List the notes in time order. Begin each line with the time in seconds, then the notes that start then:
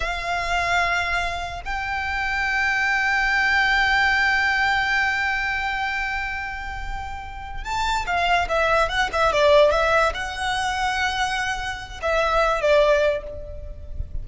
0.00 F5
1.65 G5
7.64 A5
8.06 F5
8.48 E5
8.88 F#5
9.12 E5
9.32 D5
9.71 E5
10.14 F#5
12.02 E5
12.61 D5